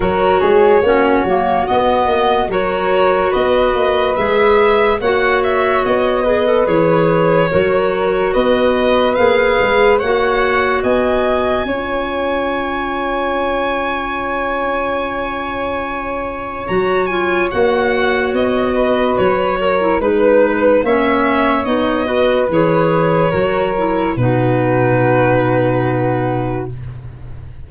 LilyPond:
<<
  \new Staff \with { instrumentName = "violin" } { \time 4/4 \tempo 4 = 72 cis''2 dis''4 cis''4 | dis''4 e''4 fis''8 e''8 dis''4 | cis''2 dis''4 f''4 | fis''4 gis''2.~ |
gis''1 | ais''8 gis''8 fis''4 dis''4 cis''4 | b'4 e''4 dis''4 cis''4~ | cis''4 b'2. | }
  \new Staff \with { instrumentName = "flute" } { \time 4/4 ais'8 gis'8 fis'2 ais'4 | b'2 cis''4. b'8~ | b'4 ais'4 b'2 | cis''4 dis''4 cis''2~ |
cis''1~ | cis''2~ cis''8 b'4 ais'8 | b'4 cis''4. b'4. | ais'4 fis'2. | }
  \new Staff \with { instrumentName = "clarinet" } { \time 4/4 fis'4 cis'8 ais8 b4 fis'4~ | fis'4 gis'4 fis'4. gis'16 a'16 | gis'4 fis'2 gis'4 | fis'2 f'2~ |
f'1 | fis'8 f'8 fis'2~ fis'8. e'16 | dis'4 cis'4 dis'8 fis'8 gis'4 | fis'8 e'8 dis'2. | }
  \new Staff \with { instrumentName = "tuba" } { \time 4/4 fis8 gis8 ais8 fis8 b8 ais8 fis4 | b8 ais8 gis4 ais4 b4 | e4 fis4 b4 ais8 gis8 | ais4 b4 cis'2~ |
cis'1 | fis4 ais4 b4 fis4 | gis4 ais4 b4 e4 | fis4 b,2. | }
>>